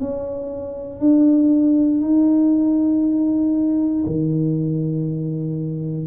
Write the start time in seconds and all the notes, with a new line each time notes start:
0.00 C#4
1.00 D4
2.01 D#4
4.06 D#3